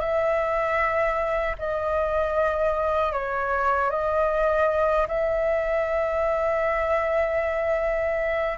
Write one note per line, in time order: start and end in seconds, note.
0.00 1.56 E5
1.58 3.12 D#5
3.12 3.90 C#5
3.90 5.07 D#5
5.08 8.58 E5